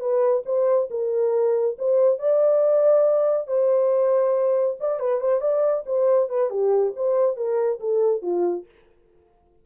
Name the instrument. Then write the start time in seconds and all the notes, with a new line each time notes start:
horn
0.00 B4
0.45 C5
0.90 A#4
1.78 C5
2.19 D5
3.47 C5
4.80 D5
4.99 B4
5.20 C5
5.41 D5
5.86 C5
6.29 B4
6.50 G4
6.96 C5
7.36 A#4
7.80 A4
8.22 F4